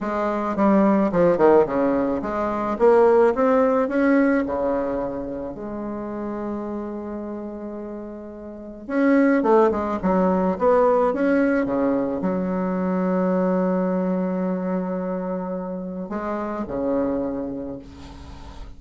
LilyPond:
\new Staff \with { instrumentName = "bassoon" } { \time 4/4 \tempo 4 = 108 gis4 g4 f8 dis8 cis4 | gis4 ais4 c'4 cis'4 | cis2 gis2~ | gis1 |
cis'4 a8 gis8 fis4 b4 | cis'4 cis4 fis2~ | fis1~ | fis4 gis4 cis2 | }